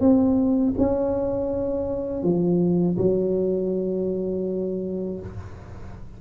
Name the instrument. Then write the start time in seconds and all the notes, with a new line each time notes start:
tuba
0.00 C4
0.78 C#4
2.23 F3
2.97 F#3